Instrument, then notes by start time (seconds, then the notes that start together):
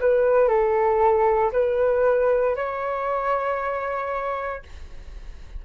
flute
0.00 B4
0.48 A4
1.52 B4
2.56 C#5